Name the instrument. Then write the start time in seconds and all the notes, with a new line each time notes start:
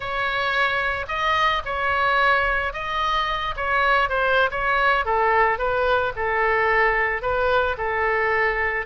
oboe
0.00 C#5
1.08 D#5
1.65 C#5
2.73 D#5
3.56 C#5
4.09 C5
4.50 C#5
5.05 A4
5.58 B4
6.16 A4
7.21 B4
7.77 A4